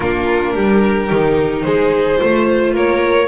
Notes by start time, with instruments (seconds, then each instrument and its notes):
0.00 double bass A#3, viola D4, violin F4 A#4
0.54 double bass G3, violin G4
1.09 double bass D#3, viola D#4
1.62 double bass G#3, violin G#4 C5
2.17 double bass A3, viola F4, violin C5
2.74 double bass A#3, violin A#4 C#5